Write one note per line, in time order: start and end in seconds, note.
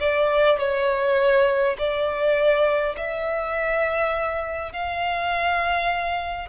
0.00 0.59 D5
0.59 1.76 C#5
1.79 2.96 D5
2.97 4.73 E5
4.73 6.49 F5